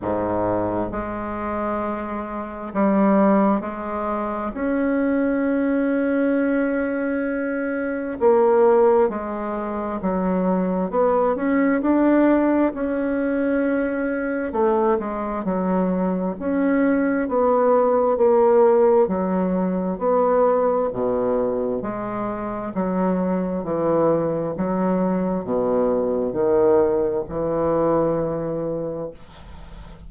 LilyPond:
\new Staff \with { instrumentName = "bassoon" } { \time 4/4 \tempo 4 = 66 gis,4 gis2 g4 | gis4 cis'2.~ | cis'4 ais4 gis4 fis4 | b8 cis'8 d'4 cis'2 |
a8 gis8 fis4 cis'4 b4 | ais4 fis4 b4 b,4 | gis4 fis4 e4 fis4 | b,4 dis4 e2 | }